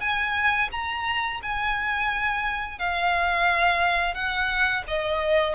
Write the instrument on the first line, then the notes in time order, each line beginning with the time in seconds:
violin
0.00 G#5
0.71 A#5
1.42 G#5
2.78 F5
4.14 F#5
4.87 D#5